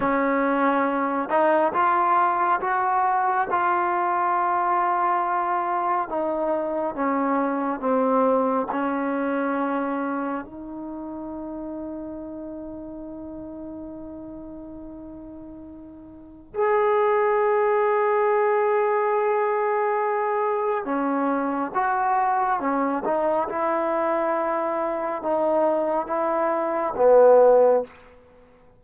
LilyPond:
\new Staff \with { instrumentName = "trombone" } { \time 4/4 \tempo 4 = 69 cis'4. dis'8 f'4 fis'4 | f'2. dis'4 | cis'4 c'4 cis'2 | dis'1~ |
dis'2. gis'4~ | gis'1 | cis'4 fis'4 cis'8 dis'8 e'4~ | e'4 dis'4 e'4 b4 | }